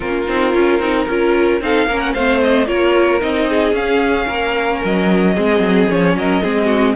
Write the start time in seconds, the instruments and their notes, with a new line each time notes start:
0.00 cello A#3, viola C#4, violin F4 A#4
0.26 cello C4, viola D#4
0.53 cello C#4, viola F4
0.79 cello C4, viola D#4
1.08 cello C#4, viola F4, violin A#4
1.60 cello C4, viola D#4, violin A4 F5
1.86 cello A#3, viola C#4, violin A#4
1.99 violin F#5
2.13 cello A3, viola C4, violin C5 F5
2.42 violin D#5
2.66 cello A#3, viola F4, violin A#4 C#5
3.20 cello C4, viola D#4, violin D#5
3.49 violin G#4
3.72 cello C#4, viola C#4, violin F5
4.26 cello A#3, violin A#4
4.84 cello F#3, violin D#5
5.34 cello G#3, viola C4, violin G#4
5.59 cello F#3
5.89 cello F3, viola C#4, violin C#5
6.15 cello F#3, violin A#4 D#5
6.42 cello G#3, viola C4, violin G#4
6.65 violin F#4